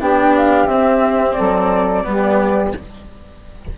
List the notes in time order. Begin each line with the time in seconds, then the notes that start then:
0.00 B3 D4 G4 G5
0.36 F5
0.66 C4 E5
1.33 A4 D5
1.39 F#3
2.04 G3 B3 G4